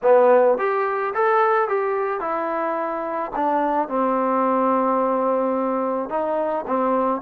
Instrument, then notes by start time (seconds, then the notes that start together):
trombone
0.02 B3
0.58 G4
1.14 A4
1.68 G4
2.20 E4
3.35 D4
3.88 C4
6.09 D#4
6.67 C4